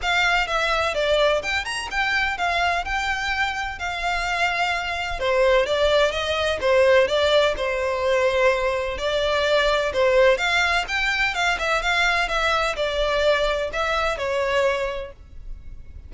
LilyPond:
\new Staff \with { instrumentName = "violin" } { \time 4/4 \tempo 4 = 127 f''4 e''4 d''4 g''8 ais''8 | g''4 f''4 g''2 | f''2. c''4 | d''4 dis''4 c''4 d''4 |
c''2. d''4~ | d''4 c''4 f''4 g''4 | f''8 e''8 f''4 e''4 d''4~ | d''4 e''4 cis''2 | }